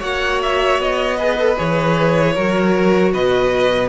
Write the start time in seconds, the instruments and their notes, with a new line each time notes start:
0.00 cello A#3, viola F#4, violin C#5 F#5
0.43 violin E5
0.79 cello B3, violin D#5
1.17 viola G#4, violin B4
1.39 viola A4
1.57 cello E3, viola G#4, violin C#5
2.35 cello F#3, viola F#4, violin A#4
3.14 cello B2, violin B4 D#5